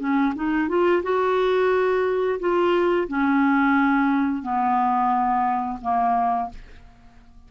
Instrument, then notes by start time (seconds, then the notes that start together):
clarinet
0.00 C#4
0.35 D#4
0.69 F4
1.03 F#4
2.40 F4
3.08 C#4
4.43 B3
5.82 A#3